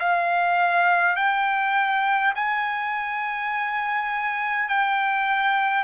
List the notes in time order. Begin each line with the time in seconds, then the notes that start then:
0.00 F5
1.16 G5
2.35 G#5
4.69 G5